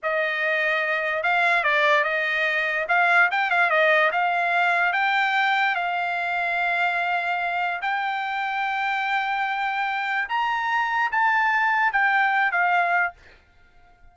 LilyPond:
\new Staff \with { instrumentName = "trumpet" } { \time 4/4 \tempo 4 = 146 dis''2. f''4 | d''4 dis''2 f''4 | g''8 f''8 dis''4 f''2 | g''2 f''2~ |
f''2. g''4~ | g''1~ | g''4 ais''2 a''4~ | a''4 g''4. f''4. | }